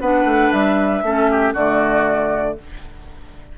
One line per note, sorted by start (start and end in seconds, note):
0.00 0.24 B3
0.00 1.04 D4
0.00 1.03 B4
0.00 0.51 F#5
0.24 0.50 A3
0.51 1.02 G3
0.51 1.54 E5
1.02 1.54 A3
1.02 1.55 C#4
1.02 1.31 A4
1.31 1.53 G4
1.53 2.57 D3
1.53 2.58 A3
1.53 2.56 F#4
1.53 2.57 D5